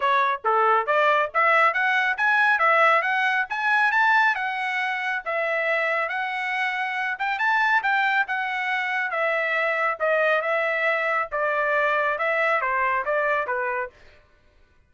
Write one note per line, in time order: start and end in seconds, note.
0.00 0.41 C#5
0.44 0.86 A4
0.86 1.29 D5
1.34 1.73 E5
1.73 2.16 F#5
2.17 2.58 G#5
2.58 3.02 E5
3.02 3.45 F#5
3.49 3.91 G#5
3.91 4.35 A5
4.35 5.22 F#5
5.25 6.08 E5
6.08 7.17 F#5
7.18 7.38 G5
7.38 7.82 A5
7.82 8.26 G5
8.27 9.10 F#5
9.10 9.97 E5
9.99 10.41 D#5
10.41 11.28 E5
11.31 12.18 D5
12.18 12.61 E5
12.61 13.04 C5
13.05 13.46 D5
13.46 13.90 B4